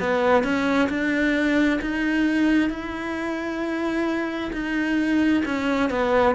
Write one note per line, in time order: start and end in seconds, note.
0.00 0.44 B3
0.44 0.89 C#4
0.90 1.81 D4
1.81 2.70 D#4
2.70 4.52 E4
4.53 5.44 D#4
5.45 5.90 C#4
5.90 6.36 B3